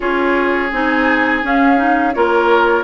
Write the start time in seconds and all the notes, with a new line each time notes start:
0.00 C#4 F4 G#4 C#5
0.72 C4 D#4 G#5
1.43 C#4 F5
1.77 D#4
2.13 A#3 F4 A#4 C#5